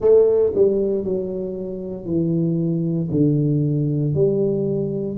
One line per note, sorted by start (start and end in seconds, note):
0.00 0.52 A3
0.55 1.03 G3
1.03 2.05 F#3
2.05 3.08 E3
3.11 4.14 D3
4.14 5.17 G3